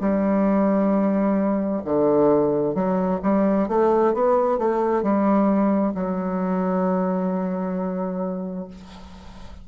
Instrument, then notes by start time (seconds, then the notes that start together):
bassoon
0.00 G3
1.84 D3
2.74 F#3
3.22 G3
3.68 A3
4.13 B3
4.58 A3
5.02 G3
5.94 F#3